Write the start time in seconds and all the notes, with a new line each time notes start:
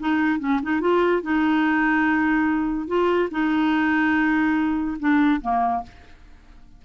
0.00 D#4
0.40 C#4
0.62 D#4
0.81 F4
1.22 D#4
2.87 F4
3.31 D#4
5.00 D4
5.41 A#3